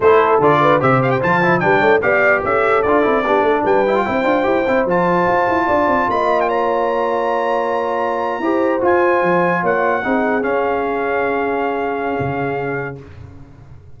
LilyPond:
<<
  \new Staff \with { instrumentName = "trumpet" } { \time 4/4 \tempo 4 = 148 c''4 d''4 e''8 f''16 g''16 a''4 | g''4 f''4 e''4 d''4~ | d''4 g''2. | a''2. b''8. g''16 |
ais''1~ | ais''4.~ ais''16 gis''2 fis''16~ | fis''4.~ fis''16 f''2~ f''16~ | f''1 | }
  \new Staff \with { instrumentName = "horn" } { \time 4/4 a'4. b'8 c''2 | b'8 cis''8 d''4 a'2 | g'8 a'8 b'4 c''2~ | c''2 d''4 dis''4 |
cis''1~ | cis''8. c''2. cis''16~ | cis''8. gis'2.~ gis'16~ | gis'1 | }
  \new Staff \with { instrumentName = "trombone" } { \time 4/4 e'4 f'4 g'4 f'8 e'8 | d'4 g'2 f'8 e'8 | d'4. e'16 f'16 e'8 f'8 g'8 e'8 | f'1~ |
f'1~ | f'8. g'4 f'2~ f'16~ | f'8. dis'4 cis'2~ cis'16~ | cis'1 | }
  \new Staff \with { instrumentName = "tuba" } { \time 4/4 a4 d4 c4 f4 | g8 a8 b4 cis'4 d'8 c'8 | b8 a8 g4 c'8 d'8 e'8 c'8 | f4 f'8 e'8 d'8 c'8 ais4~ |
ais1~ | ais8. e'4 f'4 f4 ais16~ | ais8. c'4 cis'2~ cis'16~ | cis'2 cis2 | }
>>